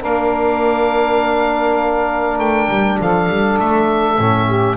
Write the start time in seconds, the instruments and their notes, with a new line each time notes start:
0.00 double bass A#3, trombone D4, saxophone A#4, oboe F5
2.38 double bass A3, oboe G5
2.69 double bass G3
2.99 double bass F3, saxophone A4, oboe F5
3.29 double bass G3
3.59 double bass A3, oboe E5
4.18 double bass A2, trombone C#4
4.46 saxophone G4